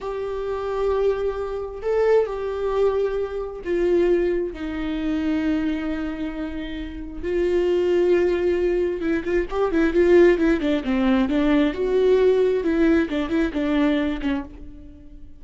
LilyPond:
\new Staff \with { instrumentName = "viola" } { \time 4/4 \tempo 4 = 133 g'1 | a'4 g'2. | f'2 dis'2~ | dis'1 |
f'1 | e'8 f'8 g'8 e'8 f'4 e'8 d'8 | c'4 d'4 fis'2 | e'4 d'8 e'8 d'4. cis'8 | }